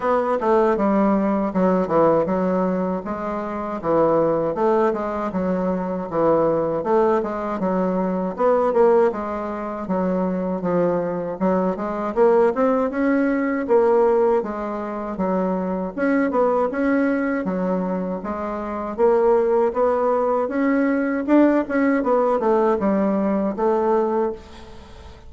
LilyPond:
\new Staff \with { instrumentName = "bassoon" } { \time 4/4 \tempo 4 = 79 b8 a8 g4 fis8 e8 fis4 | gis4 e4 a8 gis8 fis4 | e4 a8 gis8 fis4 b8 ais8 | gis4 fis4 f4 fis8 gis8 |
ais8 c'8 cis'4 ais4 gis4 | fis4 cis'8 b8 cis'4 fis4 | gis4 ais4 b4 cis'4 | d'8 cis'8 b8 a8 g4 a4 | }